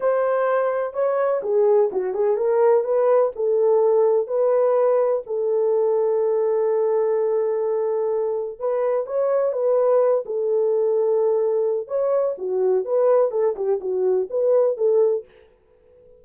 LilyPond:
\new Staff \with { instrumentName = "horn" } { \time 4/4 \tempo 4 = 126 c''2 cis''4 gis'4 | fis'8 gis'8 ais'4 b'4 a'4~ | a'4 b'2 a'4~ | a'1~ |
a'2 b'4 cis''4 | b'4. a'2~ a'8~ | a'4 cis''4 fis'4 b'4 | a'8 g'8 fis'4 b'4 a'4 | }